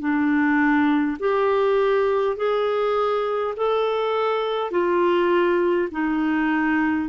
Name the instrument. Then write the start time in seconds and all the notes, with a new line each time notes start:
clarinet
0.00 D4
1.20 G4
2.37 G#4
3.57 A4
4.71 F4
5.92 D#4